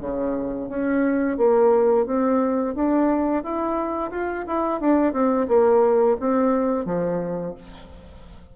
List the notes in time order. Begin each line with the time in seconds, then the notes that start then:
0.00 C#3
0.69 C#4
1.37 A#3
2.06 C4
2.75 D4
3.44 E4
4.11 F4
4.47 E4
4.81 D4
5.13 C4
5.48 A#3
6.20 C4
6.85 F3